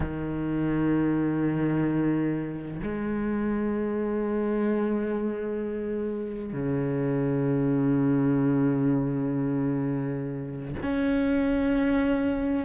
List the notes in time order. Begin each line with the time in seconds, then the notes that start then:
0.00 D#3
2.83 G#3
6.52 C#3
10.82 C#4